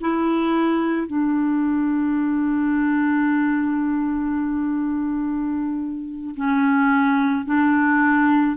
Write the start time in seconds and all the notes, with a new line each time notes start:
0.00 E4
1.07 D4
6.36 C#4
7.45 D4